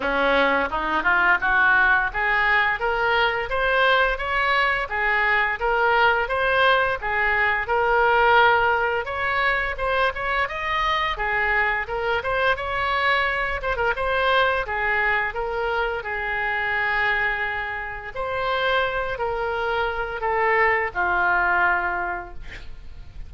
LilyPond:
\new Staff \with { instrumentName = "oboe" } { \time 4/4 \tempo 4 = 86 cis'4 dis'8 f'8 fis'4 gis'4 | ais'4 c''4 cis''4 gis'4 | ais'4 c''4 gis'4 ais'4~ | ais'4 cis''4 c''8 cis''8 dis''4 |
gis'4 ais'8 c''8 cis''4. c''16 ais'16 | c''4 gis'4 ais'4 gis'4~ | gis'2 c''4. ais'8~ | ais'4 a'4 f'2 | }